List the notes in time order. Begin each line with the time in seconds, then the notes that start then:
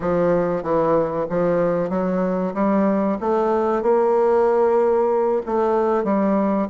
0.00 F3
0.62 E3
1.29 F3
1.89 F#3
2.54 G3
3.20 A3
3.82 A#3
5.45 A3
6.03 G3